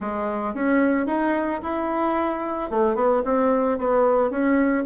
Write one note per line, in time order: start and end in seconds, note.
0.00 0.54 G#3
0.54 1.06 C#4
1.06 1.60 D#4
1.62 2.70 E4
2.70 2.95 A3
2.95 3.22 B3
3.25 3.78 C4
3.78 4.30 B3
4.30 4.84 C#4